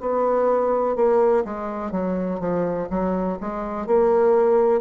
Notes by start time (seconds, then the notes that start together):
0.00 B3
0.95 A#3
1.44 G#3
1.91 F#3
2.40 F3
2.89 F#3
3.40 G#3
3.86 A#3